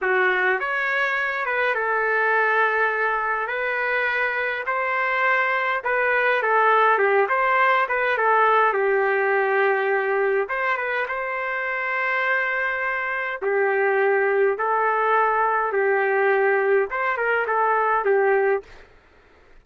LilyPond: \new Staff \with { instrumentName = "trumpet" } { \time 4/4 \tempo 4 = 103 fis'4 cis''4. b'8 a'4~ | a'2 b'2 | c''2 b'4 a'4 | g'8 c''4 b'8 a'4 g'4~ |
g'2 c''8 b'8 c''4~ | c''2. g'4~ | g'4 a'2 g'4~ | g'4 c''8 ais'8 a'4 g'4 | }